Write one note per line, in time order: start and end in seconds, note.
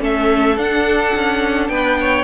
0.00 0.56 A3
0.00 0.56 C#4
0.00 1.71 A4
0.00 0.58 E5
0.56 1.12 D4
0.56 2.23 D4
0.56 1.68 F#5
1.15 1.69 C#4
1.68 2.23 B3
1.68 1.99 B4
1.68 2.23 G5
2.00 2.23 C#5